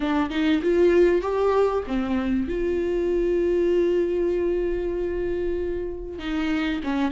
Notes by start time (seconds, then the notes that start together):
0.00 D4
0.30 D#4
0.62 F4
1.21 G4
1.87 C4
2.47 F4
6.19 D#4
6.84 C#4